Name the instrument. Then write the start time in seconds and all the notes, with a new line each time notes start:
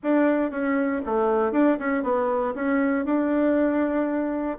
bassoon
0.03 D4
0.50 C#4
1.05 A3
1.52 D4
1.79 C#4
2.03 B3
2.54 C#4
3.05 D4